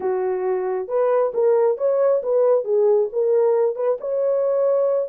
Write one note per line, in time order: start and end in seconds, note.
0.00 0.87 F#4
0.87 1.32 B4
1.34 1.77 A#4
1.77 2.22 C#5
2.23 2.64 B4
2.64 3.09 G#4
3.12 3.75 A#4
3.75 3.97 B4
4.00 5.09 C#5